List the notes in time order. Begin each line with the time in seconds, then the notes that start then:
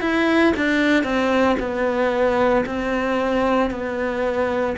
0.00 E4
0.56 D4
1.03 C4
1.59 B3
2.66 C4
3.70 B3